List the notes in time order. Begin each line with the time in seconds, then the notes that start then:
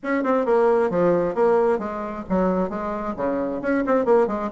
0.03 C#4
0.23 C4
0.45 A#3
0.90 F3
1.35 A#3
1.79 G#3
2.29 F#3
2.69 G#3
3.16 C#3
3.61 C#4
3.86 C4
4.05 A#3
4.27 G#3